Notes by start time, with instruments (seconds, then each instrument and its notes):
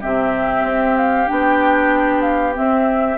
0.00 bassoon C3, clarinet C4, oboe G4, flute E5
0.63 bassoon C4
0.97 flute F5
1.25 bassoon B3, clarinet D4, flute G5
2.21 flute F5
2.53 clarinet C4, bassoon C4, flute E5